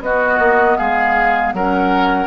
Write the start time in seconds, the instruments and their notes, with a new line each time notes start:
0.00 bassoon B3, clarinet B3, oboe F#4, flute D#5
0.39 bassoon A#3
0.77 bassoon G#3, oboe G#4, flute F5
1.53 bassoon F#3, clarinet C#4, oboe A#4, flute F#5